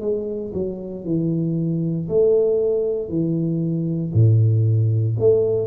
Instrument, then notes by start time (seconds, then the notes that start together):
tuba
0.00 G#3
0.53 F#3
1.04 E3
2.08 A3
3.08 E3
4.13 A2
5.19 A3